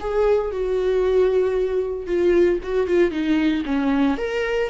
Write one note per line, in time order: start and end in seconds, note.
0.00 0.51 G#4
0.51 2.06 F#4
2.06 2.59 F4
2.63 2.87 F#4
2.87 3.11 F4
3.11 3.63 D#4
3.65 4.17 C#4
4.17 4.70 A#4